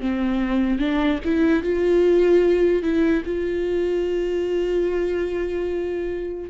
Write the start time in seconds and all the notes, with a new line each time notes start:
0.00 C4
0.79 D4
1.25 E4
1.63 F4
2.82 E4
3.25 F4